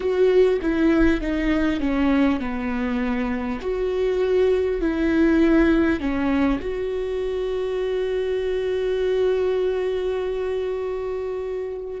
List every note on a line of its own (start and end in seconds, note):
0.00 0.59 F#4
0.61 1.20 E4
1.20 1.80 D#4
1.80 2.40 C#4
2.40 3.60 B3
3.60 4.80 F#4
4.80 5.99 E4
5.99 6.59 C#4
6.61 12.00 F#4